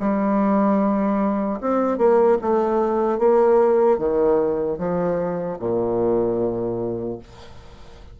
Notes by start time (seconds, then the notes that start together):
0.00 G3
1.61 C4
1.98 A#3
2.42 A3
3.19 A#3
3.99 D#3
4.79 F3
5.59 A#2